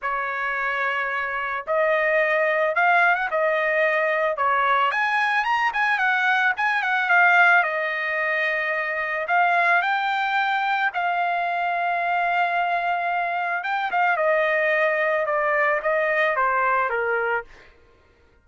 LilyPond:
\new Staff \with { instrumentName = "trumpet" } { \time 4/4 \tempo 4 = 110 cis''2. dis''4~ | dis''4 f''8. fis''16 dis''2 | cis''4 gis''4 ais''8 gis''8 fis''4 | gis''8 fis''8 f''4 dis''2~ |
dis''4 f''4 g''2 | f''1~ | f''4 g''8 f''8 dis''2 | d''4 dis''4 c''4 ais'4 | }